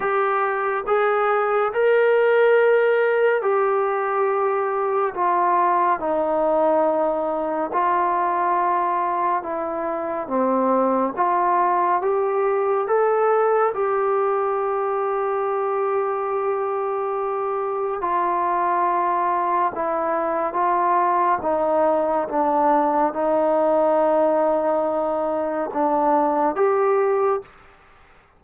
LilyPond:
\new Staff \with { instrumentName = "trombone" } { \time 4/4 \tempo 4 = 70 g'4 gis'4 ais'2 | g'2 f'4 dis'4~ | dis'4 f'2 e'4 | c'4 f'4 g'4 a'4 |
g'1~ | g'4 f'2 e'4 | f'4 dis'4 d'4 dis'4~ | dis'2 d'4 g'4 | }